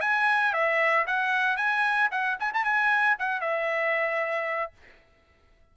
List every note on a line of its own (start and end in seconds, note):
0.00 0.53 G#5
0.53 1.05 E5
1.06 1.56 F#5
1.56 2.09 G#5
2.11 2.37 F#5
2.39 2.52 G#5
2.53 2.63 A5
2.63 3.16 G#5
3.18 3.40 F#5
3.40 4.72 E5